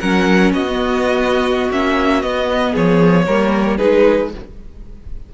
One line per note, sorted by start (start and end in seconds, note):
0.00 0.53 F#3
0.00 0.67 C#4
0.00 0.53 A#4
0.00 0.52 F#5
0.53 1.70 B3
0.53 2.71 F#4
0.53 1.71 D#5
0.68 1.72 B3
1.71 2.23 A#3
1.71 2.23 C#4
1.71 2.22 E5
2.22 2.75 B3
2.22 3.27 B3
2.22 2.75 D#5
2.71 3.27 F3
2.71 3.23 G#4
2.71 3.78 C#5
3.27 3.79 G3
3.27 3.79 A#3
3.27 3.77 A#4
3.77 4.34 G#3
3.77 4.31 D#4
3.77 4.29 G#4
3.77 4.30 B4